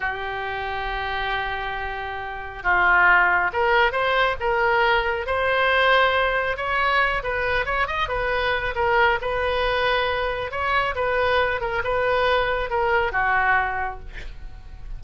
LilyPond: \new Staff \with { instrumentName = "oboe" } { \time 4/4 \tempo 4 = 137 g'1~ | g'2 f'2 | ais'4 c''4 ais'2 | c''2. cis''4~ |
cis''8 b'4 cis''8 dis''8 b'4. | ais'4 b'2. | cis''4 b'4. ais'8 b'4~ | b'4 ais'4 fis'2 | }